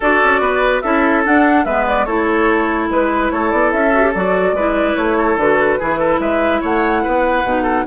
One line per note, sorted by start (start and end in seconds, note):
0.00 0.22 D4
0.00 0.84 F#4
0.00 0.41 A4
0.00 0.81 D5
0.23 0.39 C#4
0.39 0.81 B3
0.39 0.82 B4
0.81 1.25 C#4
0.81 1.24 E4
0.81 1.65 A4
0.81 1.22 E5
1.24 1.66 D4
1.24 1.65 D4
1.24 1.64 F#5
1.64 2.06 G#3
1.64 2.07 B3
1.64 2.06 B4
1.64 1.85 E5
1.87 2.05 D5
2.05 2.89 A3
2.05 3.92 E4
2.05 2.88 A4
2.05 2.88 C#5
2.89 3.31 G#3
2.89 3.30 B4
2.89 3.32 B4
3.30 3.52 A3
3.30 4.55 A4
3.30 3.51 C#5
3.51 3.72 B3
3.51 3.71 D5
3.72 4.14 C#4
3.72 4.13 E5
3.92 4.02 F#4
4.02 4.12 G4
4.14 4.52 F#3
4.14 4.57 F#4
4.14 4.96 D5
4.52 4.94 G#3
4.52 5.40 E4
4.52 5.17 B4
4.96 5.36 A3
4.96 5.37 C#5
5.17 5.79 A4
5.36 5.77 D3
5.36 5.80 F#4
5.36 6.20 B4
5.79 6.19 E3
5.79 7.45 E4
5.79 5.98 G#4
5.98 6.19 A4
6.19 6.60 G#3
6.19 6.60 B4
6.19 6.61 E5
6.60 7.04 A3
6.60 7.02 C#5
6.60 7.86 F#5
7.02 7.44 B3
7.02 7.62 B4
7.44 7.85 B2
7.44 7.86 D#4
7.62 7.83 A4